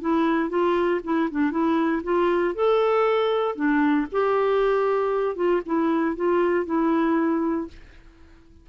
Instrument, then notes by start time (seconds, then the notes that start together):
clarinet
0.00 E4
0.49 F4
1.03 E4
1.30 D4
1.51 E4
2.03 F4
2.54 A4
3.55 D4
4.12 G4
5.35 F4
5.65 E4
6.15 F4
6.65 E4